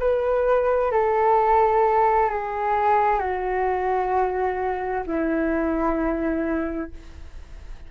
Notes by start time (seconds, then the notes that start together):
0.00 B4
0.92 A4
2.30 G#4
3.19 F#4
5.07 E4